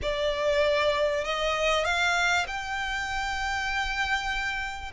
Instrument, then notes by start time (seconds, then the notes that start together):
violin
0.02 D5
1.24 D#5
1.85 F5
2.47 G5